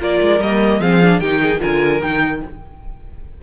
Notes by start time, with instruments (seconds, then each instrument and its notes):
0.00 cello A#3, viola F4, violin A#4 D5
0.21 cello G#3
0.40 cello G3, viola A#3, violin D#5
0.80 cello F3, viola C4, violin G#4 F5
1.02 viola D4
1.19 cello D#3, viola D#4, violin G4 G5
1.42 violin G#4
1.60 cello D3, viola F4, violin A#4 G#5
2.01 cello D#3, viola D#4, violin G5